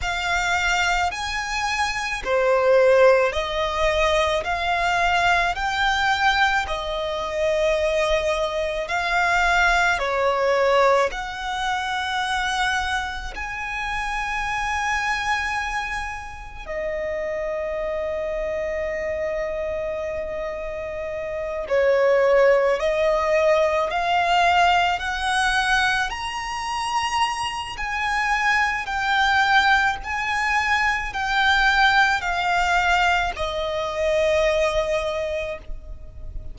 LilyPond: \new Staff \with { instrumentName = "violin" } { \time 4/4 \tempo 4 = 54 f''4 gis''4 c''4 dis''4 | f''4 g''4 dis''2 | f''4 cis''4 fis''2 | gis''2. dis''4~ |
dis''2.~ dis''8 cis''8~ | cis''8 dis''4 f''4 fis''4 ais''8~ | ais''4 gis''4 g''4 gis''4 | g''4 f''4 dis''2 | }